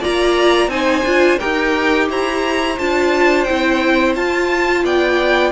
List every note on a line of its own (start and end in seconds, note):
0.00 0.67 A#3
0.00 0.69 F4
0.00 0.69 D5
0.00 0.69 A#5
0.67 1.02 C4
0.67 1.04 D#4
0.67 1.39 C5
0.67 1.38 G#5
1.03 1.38 D4
1.03 1.38 F4
1.38 2.09 D#4
1.38 2.76 G4
1.38 2.08 A#4
1.38 2.08 G5
2.09 2.78 E4
2.09 4.84 C5
2.09 2.78 A#5
2.78 3.48 D4
2.78 3.47 F4
2.78 3.44 A5
3.44 4.15 C4
3.44 4.16 E4
3.44 4.13 G5
4.15 4.84 F4
4.15 5.51 F4
4.15 4.84 A5
4.84 5.51 B3
4.84 5.51 D5
4.84 5.51 G5